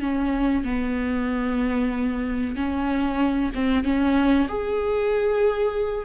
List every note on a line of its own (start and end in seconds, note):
0.00 0.64 C#4
0.64 2.55 B3
2.55 3.51 C#4
3.54 3.84 C4
3.84 4.47 C#4
4.48 6.05 G#4